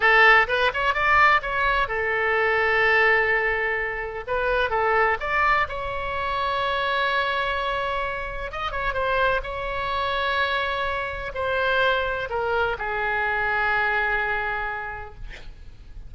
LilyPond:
\new Staff \with { instrumentName = "oboe" } { \time 4/4 \tempo 4 = 127 a'4 b'8 cis''8 d''4 cis''4 | a'1~ | a'4 b'4 a'4 d''4 | cis''1~ |
cis''2 dis''8 cis''8 c''4 | cis''1 | c''2 ais'4 gis'4~ | gis'1 | }